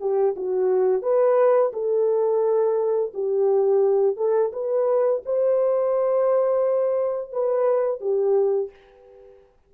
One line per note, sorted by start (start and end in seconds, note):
0.00 0.35 G4
0.36 1.02 F#4
1.02 1.72 B4
1.73 3.12 A4
3.14 4.17 G4
4.17 4.52 A4
4.53 5.22 B4
5.25 7.32 C5
7.32 8.00 B4
8.00 8.70 G4